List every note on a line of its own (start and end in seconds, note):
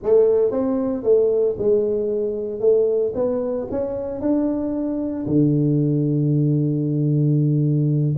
0.02 0.51 A3
0.51 1.03 C4
1.03 1.56 A3
1.58 2.60 G#3
2.60 3.12 A3
3.14 3.67 B3
3.70 4.20 C#4
4.20 5.26 D4
5.26 8.15 D3